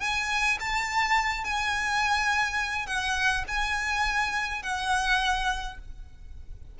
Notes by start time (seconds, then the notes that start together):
0.00 G#5
0.59 A5
1.44 G#5
2.86 F#5
3.47 G#5
4.62 F#5